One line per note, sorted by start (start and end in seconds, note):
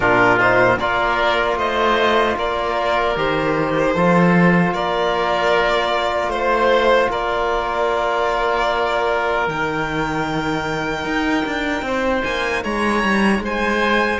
0.00 0.77 A#2
0.00 0.39 D4
0.00 0.79 F4
0.00 0.38 A#4
0.39 0.78 D#4
0.39 0.78 C5
0.77 1.56 A#3
0.77 3.16 F4
0.77 1.58 A#4
0.77 1.58 D5
1.57 2.36 A3
1.57 2.37 C5
1.57 2.37 D#5
2.36 3.15 A#3
2.36 3.95 A#4
2.36 3.17 D5
3.16 3.95 D#3
3.16 3.95 G4
3.16 4.73 C5
3.95 4.73 F3
3.95 9.48 F4
3.95 4.74 A4
4.73 6.27 A#3
4.73 6.32 A#4
4.73 6.30 D5
6.27 7.06 A3
6.27 7.09 C5
6.27 7.10 C5
7.10 9.47 A#3
7.10 11.84 A#4
7.10 9.48 D5
9.47 11.04 D#3
9.47 14.20 D#4
9.47 12.23 G5
11.04 11.44 D#4
11.45 11.82 D4
11.82 12.21 C4
11.82 12.63 C5
12.23 12.64 A#3
12.23 12.63 G#5
12.63 13.03 G#3
12.63 13.42 C#5
12.63 13.42 A#5
13.03 13.39 G3
13.39 14.18 G#3
13.39 14.20 C5
13.45 14.20 G#5